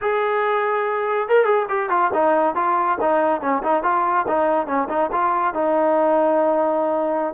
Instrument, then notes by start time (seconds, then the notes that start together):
trombone
0.01 G#4
1.28 A#4
1.44 G#4
1.68 G4
1.89 F4
2.13 D#4
2.55 F4
3.00 D#4
3.41 C#4
3.63 D#4
3.83 F4
4.27 D#4
4.66 C#4
4.89 D#4
5.12 F4
5.54 D#4